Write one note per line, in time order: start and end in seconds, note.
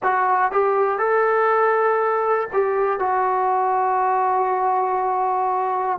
0.02 0.51 F#4
0.51 0.98 G4
0.98 2.48 A4
2.53 2.99 G4
2.99 5.99 F#4